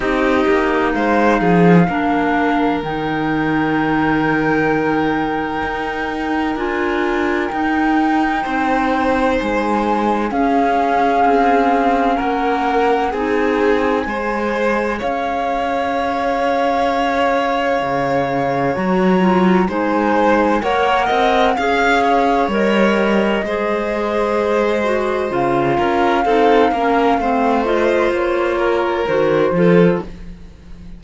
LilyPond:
<<
  \new Staff \with { instrumentName = "flute" } { \time 4/4 \tempo 4 = 64 dis''4 f''2 g''4~ | g''2. gis''4 | g''2 gis''4 f''4~ | f''4 fis''4 gis''2 |
f''1 | ais''4 gis''4 fis''4 f''4 | dis''2. f''4~ | f''4. dis''8 cis''4 c''4 | }
  \new Staff \with { instrumentName = "violin" } { \time 4/4 g'4 c''8 gis'8 ais'2~ | ais'1~ | ais'4 c''2 gis'4~ | gis'4 ais'4 gis'4 c''4 |
cis''1~ | cis''4 c''4 cis''8 dis''8 f''8 cis''8~ | cis''4 c''2~ c''8 ais'8 | a'8 ais'8 c''4. ais'4 a'8 | }
  \new Staff \with { instrumentName = "clarinet" } { \time 4/4 dis'2 d'4 dis'4~ | dis'2. f'4 | dis'2. cis'4~ | cis'2 dis'4 gis'4~ |
gis'1 | fis'8 f'8 dis'4 ais'4 gis'4 | ais'4 gis'4. fis'8 f'4 | dis'8 cis'8 c'8 f'4. fis'8 f'8 | }
  \new Staff \with { instrumentName = "cello" } { \time 4/4 c'8 ais8 gis8 f8 ais4 dis4~ | dis2 dis'4 d'4 | dis'4 c'4 gis4 cis'4 | c'4 ais4 c'4 gis4 |
cis'2. cis4 | fis4 gis4 ais8 c'8 cis'4 | g4 gis2 cis8 cis'8 | c'8 ais8 a4 ais4 dis8 f8 | }
>>